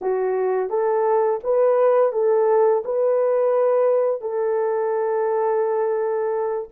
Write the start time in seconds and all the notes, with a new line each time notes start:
0.01 F#4
0.69 A4
1.43 B4
2.12 A4
2.84 B4
4.21 A4